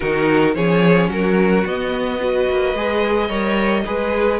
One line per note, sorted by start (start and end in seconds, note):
0.00 0.56 D#3
0.00 0.55 D#4
0.00 0.54 F#4
0.00 0.54 A#4
0.54 1.09 F3
0.54 1.66 C#4
0.54 1.10 G#4
0.54 1.09 C#5
1.09 1.64 F#3
1.09 2.20 F#4
1.09 1.66 A#4
1.66 2.49 B3
1.66 2.20 B3
1.66 4.40 D#5
2.20 2.75 F#4
2.20 3.28 B4
2.50 2.74 A#3
2.74 3.29 G#3
2.74 3.29 G#4
3.28 3.84 G3
3.28 3.85 A#4
3.28 3.83 C#5
3.85 4.40 G#3
3.85 4.40 G#4
3.85 4.40 B4